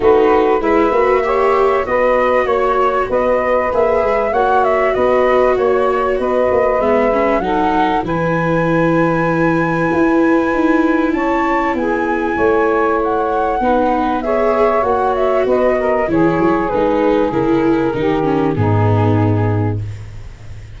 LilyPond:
<<
  \new Staff \with { instrumentName = "flute" } { \time 4/4 \tempo 4 = 97 b'4 e''2 dis''4 | cis''4 dis''4 e''4 fis''8 e''8 | dis''4 cis''4 dis''4 e''4 | fis''4 gis''2.~ |
gis''2 a''4 gis''4~ | gis''4 fis''2 e''4 | fis''8 e''8 dis''4 cis''4 b'4 | ais'2 gis'2 | }
  \new Staff \with { instrumentName = "saxophone" } { \time 4/4 fis'4 b'4 cis''4 b'4 | cis''4 b'2 cis''4 | b'4 cis''4 b'2 | a'4 b'2.~ |
b'2 cis''4 gis'4 | cis''2 b'4 cis''4~ | cis''4 b'8 ais'8 gis'2~ | gis'4 g'4 dis'2 | }
  \new Staff \with { instrumentName = "viola" } { \time 4/4 dis'4 e'8 fis'8 g'4 fis'4~ | fis'2 gis'4 fis'4~ | fis'2. b8 cis'8 | dis'4 e'2.~ |
e'1~ | e'2 dis'4 gis'4 | fis'2 e'4 dis'4 | e'4 dis'8 cis'8 b2 | }
  \new Staff \with { instrumentName = "tuba" } { \time 4/4 a4 gis8 ais4. b4 | ais4 b4 ais8 gis8 ais4 | b4 ais4 b8 ais8 gis4 | fis4 e2. |
e'4 dis'4 cis'4 b4 | a2 b2 | ais4 b4 e8 fis8 gis4 | cis4 dis4 gis,2 | }
>>